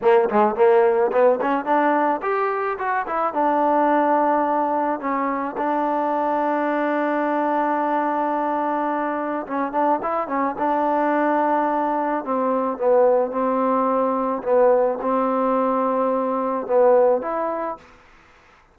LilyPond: \new Staff \with { instrumentName = "trombone" } { \time 4/4 \tempo 4 = 108 ais8 gis8 ais4 b8 cis'8 d'4 | g'4 fis'8 e'8 d'2~ | d'4 cis'4 d'2~ | d'1~ |
d'4 cis'8 d'8 e'8 cis'8 d'4~ | d'2 c'4 b4 | c'2 b4 c'4~ | c'2 b4 e'4 | }